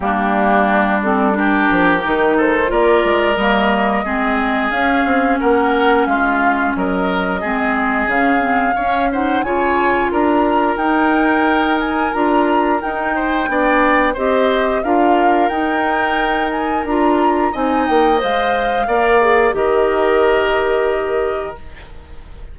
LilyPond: <<
  \new Staff \with { instrumentName = "flute" } { \time 4/4 \tempo 4 = 89 g'4. a'8 ais'4. c''8 | d''4 dis''2 f''4 | fis''4 f''4 dis''2 | f''4. fis''8 gis''4 ais''4 |
g''4. gis''8 ais''4 g''4~ | g''4 dis''4 f''4 g''4~ | g''8 gis''8 ais''4 gis''8 g''8 f''4~ | f''4 dis''2. | }
  \new Staff \with { instrumentName = "oboe" } { \time 4/4 d'2 g'4. a'8 | ais'2 gis'2 | ais'4 f'4 ais'4 gis'4~ | gis'4 cis''8 c''8 cis''4 ais'4~ |
ais'2.~ ais'8 c''8 | d''4 c''4 ais'2~ | ais'2 dis''2 | d''4 ais'2. | }
  \new Staff \with { instrumentName = "clarinet" } { \time 4/4 ais4. c'8 d'4 dis'4 | f'4 ais4 c'4 cis'4~ | cis'2. c'4 | cis'8 c'8 cis'8 dis'8 f'2 |
dis'2 f'4 dis'4 | d'4 g'4 f'4 dis'4~ | dis'4 f'4 dis'4 c''4 | ais'8 gis'8 g'2. | }
  \new Staff \with { instrumentName = "bassoon" } { \time 4/4 g2~ g8 f8 dis4 | ais8 gis8 g4 gis4 cis'8 c'8 | ais4 gis4 fis4 gis4 | cis4 cis'4 cis4 d'4 |
dis'2 d'4 dis'4 | b4 c'4 d'4 dis'4~ | dis'4 d'4 c'8 ais8 gis4 | ais4 dis2. | }
>>